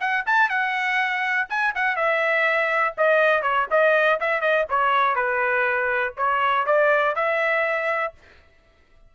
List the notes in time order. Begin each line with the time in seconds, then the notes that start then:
0.00 F#5
0.26 A5
0.49 F#5
1.49 G#5
1.75 F#5
1.96 E5
2.97 D#5
3.42 C#5
3.70 D#5
4.20 E5
4.41 D#5
4.69 C#5
5.15 B4
6.17 C#5
6.66 D5
7.15 E5